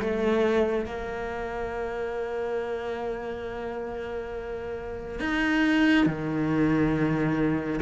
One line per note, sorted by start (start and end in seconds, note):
0.00 0.86 A3
0.86 5.20 A#3
5.20 6.06 D#4
6.06 7.80 D#3